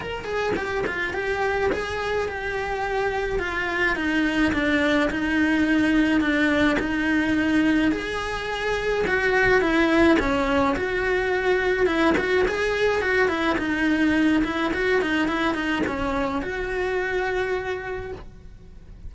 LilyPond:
\new Staff \with { instrumentName = "cello" } { \time 4/4 \tempo 4 = 106 ais'8 gis'8 g'8 f'8 g'4 gis'4 | g'2 f'4 dis'4 | d'4 dis'2 d'4 | dis'2 gis'2 |
fis'4 e'4 cis'4 fis'4~ | fis'4 e'8 fis'8 gis'4 fis'8 e'8 | dis'4. e'8 fis'8 dis'8 e'8 dis'8 | cis'4 fis'2. | }